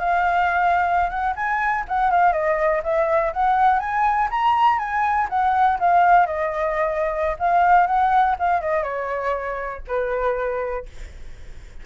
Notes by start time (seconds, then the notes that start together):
0.00 F5
1.10 F#5
1.36 G#5
1.88 F#5
2.11 F5
2.33 D#5
2.84 E5
3.34 F#5
3.80 G#5
4.31 A#5
4.79 G#5
5.30 F#5
5.80 F5
6.26 D#5
7.39 F5
7.87 F#5
8.39 F5
8.62 D#5
8.83 C#5
9.88 B4